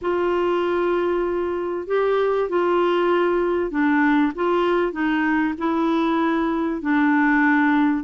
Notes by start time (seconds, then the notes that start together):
0.01 F4
1.87 G4
2.49 F4
3.70 D4
4.35 F4
4.92 D#4
5.58 E4
6.81 D4